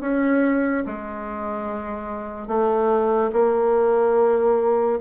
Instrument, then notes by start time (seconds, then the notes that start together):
bassoon
0.00 C#4
0.86 G#3
2.47 A3
3.33 A#3